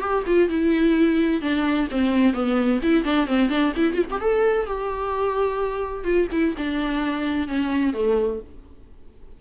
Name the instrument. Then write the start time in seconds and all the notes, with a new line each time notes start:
viola
0.00 G4
0.27 F4
0.49 E4
1.41 D4
1.91 C4
2.33 B3
2.83 E4
3.04 D4
3.27 C4
3.49 D4
3.76 E4
3.93 F4
4.11 G4
4.21 A4
4.66 G4
6.04 F4
6.32 E4
6.57 D4
7.48 C#4
7.93 A3